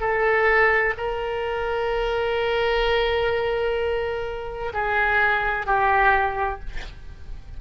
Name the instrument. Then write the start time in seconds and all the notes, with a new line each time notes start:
oboe
0.00 A4
0.97 A#4
4.73 G#4
5.66 G4